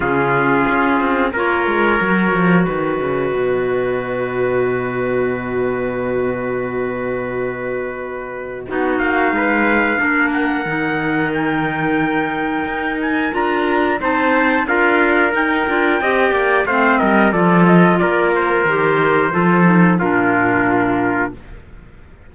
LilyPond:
<<
  \new Staff \with { instrumentName = "trumpet" } { \time 4/4 \tempo 4 = 90 gis'2 cis''2 | dis''1~ | dis''1~ | dis''4. f''2 fis''8~ |
fis''4 g''2~ g''8 gis''8 | ais''4 a''4 f''4 g''4~ | g''4 f''8 dis''8 d''8 dis''8 d''8 c''8~ | c''2 ais'2 | }
  \new Staff \with { instrumentName = "trumpet" } { \time 4/4 f'2 ais'2 | b'1~ | b'1~ | b'4 fis'4 b'4 ais'4~ |
ais'1~ | ais'4 c''4 ais'2 | dis''8 d''8 c''8 ais'8 a'4 ais'4~ | ais'4 a'4 f'2 | }
  \new Staff \with { instrumentName = "clarinet" } { \time 4/4 cis'2 f'4 fis'4~ | fis'1~ | fis'1~ | fis'4 dis'2 d'4 |
dis'1 | f'4 dis'4 f'4 dis'8 f'8 | g'4 c'4 f'2 | g'4 f'8 dis'8 d'2 | }
  \new Staff \with { instrumentName = "cello" } { \time 4/4 cis4 cis'8 c'8 ais8 gis8 fis8 f8 | dis8 cis8 b,2.~ | b,1~ | b,4 b8 ais8 gis4 ais4 |
dis2. dis'4 | d'4 c'4 d'4 dis'8 d'8 | c'8 ais8 a8 g8 f4 ais4 | dis4 f4 ais,2 | }
>>